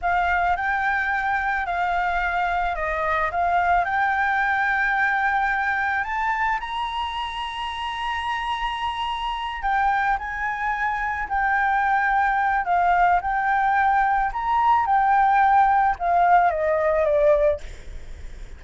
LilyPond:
\new Staff \with { instrumentName = "flute" } { \time 4/4 \tempo 4 = 109 f''4 g''2 f''4~ | f''4 dis''4 f''4 g''4~ | g''2. a''4 | ais''1~ |
ais''4. g''4 gis''4.~ | gis''8 g''2~ g''8 f''4 | g''2 ais''4 g''4~ | g''4 f''4 dis''4 d''4 | }